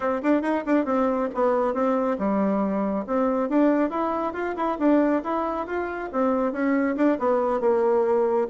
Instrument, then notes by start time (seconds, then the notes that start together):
bassoon
0.00 C4
0.22 D4
0.42 D#4
0.66 D4
0.85 C4
1.34 B3
1.74 C4
2.18 G3
3.07 C4
3.49 D4
3.90 E4
4.33 F4
4.56 E4
4.78 D4
5.23 E4
5.66 F4
6.12 C4
6.52 C#4
6.96 D4
7.19 B3
7.60 A#3